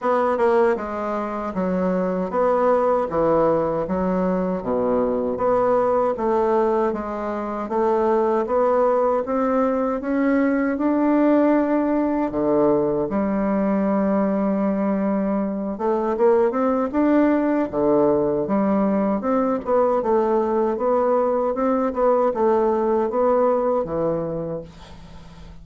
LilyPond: \new Staff \with { instrumentName = "bassoon" } { \time 4/4 \tempo 4 = 78 b8 ais8 gis4 fis4 b4 | e4 fis4 b,4 b4 | a4 gis4 a4 b4 | c'4 cis'4 d'2 |
d4 g2.~ | g8 a8 ais8 c'8 d'4 d4 | g4 c'8 b8 a4 b4 | c'8 b8 a4 b4 e4 | }